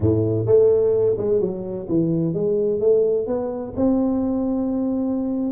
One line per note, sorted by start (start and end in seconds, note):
0.00 0.46 A2
0.46 1.16 A3
1.17 1.40 G#3
1.40 1.87 F#3
1.88 2.34 E3
2.34 2.80 G#3
2.80 3.26 A3
3.26 3.73 B3
3.76 5.52 C4